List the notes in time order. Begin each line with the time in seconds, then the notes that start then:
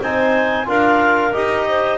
0.00 C4 D#4 C5 G#5
0.66 D4 F4 A#4 F5
1.33 D#4 G4 D#5
1.68 C5